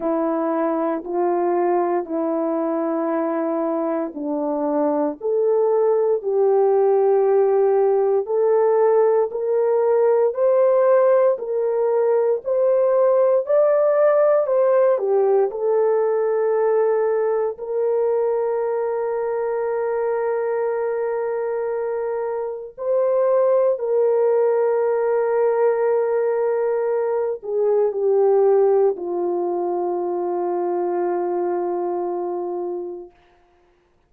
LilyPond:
\new Staff \with { instrumentName = "horn" } { \time 4/4 \tempo 4 = 58 e'4 f'4 e'2 | d'4 a'4 g'2 | a'4 ais'4 c''4 ais'4 | c''4 d''4 c''8 g'8 a'4~ |
a'4 ais'2.~ | ais'2 c''4 ais'4~ | ais'2~ ais'8 gis'8 g'4 | f'1 | }